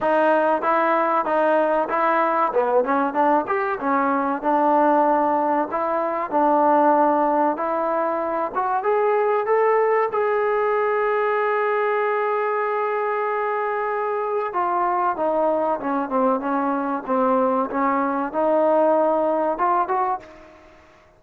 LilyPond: \new Staff \with { instrumentName = "trombone" } { \time 4/4 \tempo 4 = 95 dis'4 e'4 dis'4 e'4 | b8 cis'8 d'8 g'8 cis'4 d'4~ | d'4 e'4 d'2 | e'4. fis'8 gis'4 a'4 |
gis'1~ | gis'2. f'4 | dis'4 cis'8 c'8 cis'4 c'4 | cis'4 dis'2 f'8 fis'8 | }